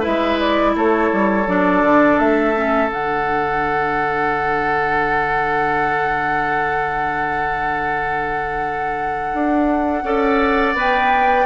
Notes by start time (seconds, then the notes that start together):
0.00 G#3 E4 B4 E5
0.39 D5
0.75 A3 A4 C#5
1.12 G3
1.47 F#3 D4 D5
1.82 D3
2.18 A3 E5
2.55 C#4
2.87 D3 D4 F#5
9.34 D4
10.03 C#4 A4 D5
10.74 B3 B4 G5